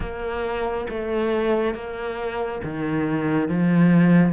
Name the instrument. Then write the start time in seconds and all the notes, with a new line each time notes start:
cello
0.00 A#3
0.89 A3
1.74 A#3
2.63 D#3
3.48 F3